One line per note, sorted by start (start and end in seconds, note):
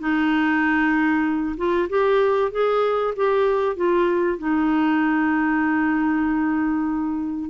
0.00 1.56 D#4
1.57 1.89 F4
1.89 2.52 G4
2.52 3.14 G#4
3.16 3.76 G4
3.76 4.39 F4
4.39 7.51 D#4